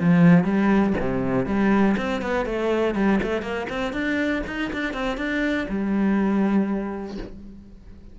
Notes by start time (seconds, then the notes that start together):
0.00 F3
0.44 G3
1.00 C3
1.46 G3
1.97 C4
2.22 B3
2.46 A3
2.95 G3
3.23 A3
3.42 A#3
3.70 C4
3.93 D4
4.47 D#4
4.73 D4
4.93 C4
5.17 D4
5.69 G3